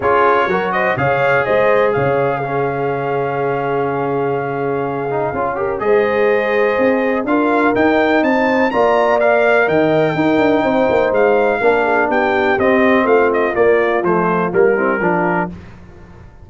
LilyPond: <<
  \new Staff \with { instrumentName = "trumpet" } { \time 4/4 \tempo 4 = 124 cis''4. dis''8 f''4 dis''4 | f''1~ | f''1 | dis''2. f''4 |
g''4 a''4 ais''4 f''4 | g''2. f''4~ | f''4 g''4 dis''4 f''8 dis''8 | d''4 c''4 ais'2 | }
  \new Staff \with { instrumentName = "horn" } { \time 4/4 gis'4 ais'8 c''8 cis''4 c''4 | cis''4 gis'2.~ | gis'2.~ gis'8 ais'8 | c''2. ais'4~ |
ais'4 c''4 d''2 | dis''4 ais'4 c''2 | ais'8 gis'8 g'2 f'4~ | f'2~ f'8 e'8 f'4 | }
  \new Staff \with { instrumentName = "trombone" } { \time 4/4 f'4 fis'4 gis'2~ | gis'4 cis'2.~ | cis'2~ cis'8 dis'8 f'8 g'8 | gis'2. f'4 |
dis'2 f'4 ais'4~ | ais'4 dis'2. | d'2 c'2 | ais4 a4 ais8 c'8 d'4 | }
  \new Staff \with { instrumentName = "tuba" } { \time 4/4 cis'4 fis4 cis4 gis4 | cis1~ | cis2. cis'4 | gis2 c'4 d'4 |
dis'4 c'4 ais2 | dis4 dis'8 d'8 c'8 ais8 gis4 | ais4 b4 c'4 a4 | ais4 f4 g4 f4 | }
>>